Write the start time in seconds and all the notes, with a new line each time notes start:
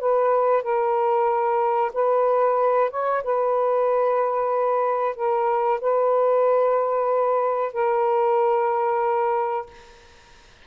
0.00 B4
0.63 A#4
1.94 B4
2.91 C#5
3.24 B4
5.16 A#4
5.81 B4
7.73 A#4